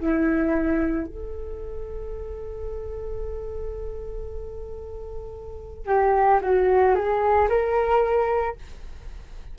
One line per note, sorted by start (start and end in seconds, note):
0.00 1.06 E4
1.06 5.86 A4
5.86 6.39 G4
6.41 6.94 F#4
6.94 7.48 G#4
7.49 8.56 A#4